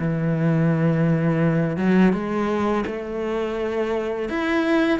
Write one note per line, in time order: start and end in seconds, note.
0.00 1.77 E3
1.77 2.13 F#3
2.13 2.85 G#3
2.87 4.30 A3
4.30 5.00 E4